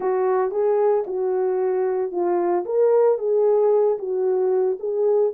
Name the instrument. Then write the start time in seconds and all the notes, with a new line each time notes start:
horn
0.00 F#4
0.51 G#4
1.06 F#4
2.11 F4
2.65 A#4
3.18 G#4
3.98 F#4
4.79 G#4